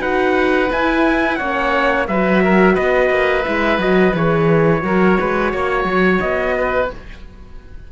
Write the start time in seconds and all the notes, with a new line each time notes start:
0.00 D#4 F#4 B4 F#5
0.71 E4 G#5
1.36 A#3 C#4 C#5 F#5
2.08 F#3 F#4 B4 E5
2.44 A#4
2.74 B3 B4 D#5
3.10 A#3
3.44 G#3 E4 E5
3.79 F#3 F#4 D#5
4.15 E3 G#4 C#5
4.81 F#3 F#4 A#4
5.19 G#3 B4
5.52 A#3 C#5
5.85 F#3
6.21 B3 D#5
6.58 B4